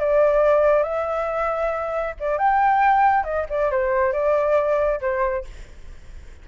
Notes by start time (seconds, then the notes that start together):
0.00 D5
0.83 E5
2.20 D5
2.38 G5
3.24 D#5
3.49 D5
3.71 C5
4.13 D5
5.01 C5